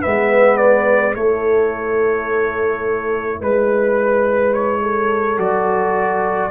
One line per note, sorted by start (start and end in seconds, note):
0.00 1.15 G#3
0.00 1.14 B3
0.00 1.13 B4
0.00 0.57 E5
0.57 1.13 D5
1.14 3.41 A3
1.14 5.37 E4
1.14 3.39 A4
1.14 3.41 C#5
3.39 5.38 G#3
3.39 4.81 B4
3.39 4.54 B4
4.54 5.38 C#5
4.82 6.50 A4
5.37 6.50 F#3
5.37 6.50 F#4
5.37 6.50 D5